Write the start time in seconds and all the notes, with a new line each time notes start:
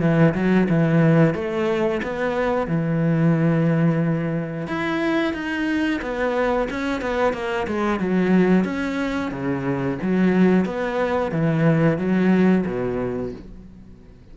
0.00 E3
0.34 F#3
0.69 E3
1.34 A3
2.02 B3
2.67 E3
4.67 E4
5.33 D#4
6.02 B3
6.69 C#4
7.01 B3
7.33 A#3
7.67 G#3
7.99 F#3
8.64 C#4
9.31 C#3
10.02 F#3
10.65 B3
11.32 E3
11.98 F#3
12.65 B2